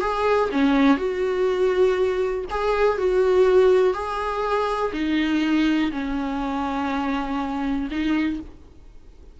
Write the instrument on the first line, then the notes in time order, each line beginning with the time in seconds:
viola
0.00 G#4
0.51 C#4
0.97 F#4
2.50 G#4
2.98 F#4
3.93 G#4
4.93 D#4
5.91 C#4
7.90 D#4